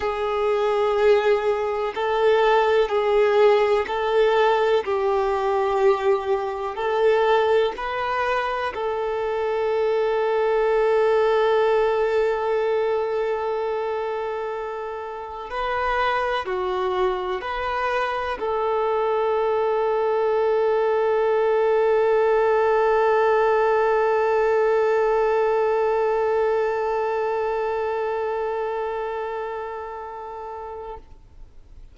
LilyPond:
\new Staff \with { instrumentName = "violin" } { \time 4/4 \tempo 4 = 62 gis'2 a'4 gis'4 | a'4 g'2 a'4 | b'4 a'2.~ | a'1 |
b'4 fis'4 b'4 a'4~ | a'1~ | a'1~ | a'1 | }